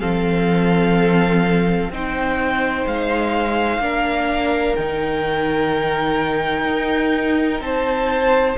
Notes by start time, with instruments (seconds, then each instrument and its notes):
0.00 cello F3, viola C4, violin A4 F5
1.90 cello C4, viola D#4, violin C5 G5
2.86 cello G#3, violin F5
3.79 cello A#3, viola D4, violin A#4
4.75 cello D#3, viola D#4, violin G5
6.65 cello D#4
7.60 cello C4, violin C5 A5